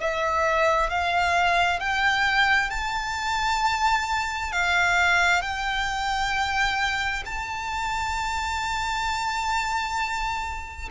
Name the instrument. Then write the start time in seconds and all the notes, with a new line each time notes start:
violin
0.00 E5
0.90 F5
1.80 G5
2.70 A5
4.52 F5
5.42 G5
7.26 A5